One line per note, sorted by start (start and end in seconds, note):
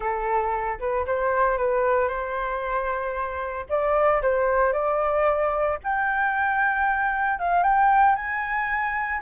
0.00 0.78 A4
0.79 1.05 B4
1.06 1.57 C5
1.57 2.08 B4
2.08 3.66 C5
3.69 4.21 D5
4.22 4.72 C5
4.72 5.78 D5
5.83 7.39 G5
7.39 7.63 F5
7.63 8.15 G5
8.15 9.21 G#5